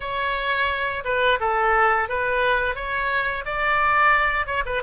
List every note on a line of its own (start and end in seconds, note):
0.00 1.03 C#5
1.04 1.39 B4
1.39 2.08 A4
2.08 2.75 B4
2.75 3.44 C#5
3.45 4.46 D5
4.46 4.63 C#5
4.65 4.82 B4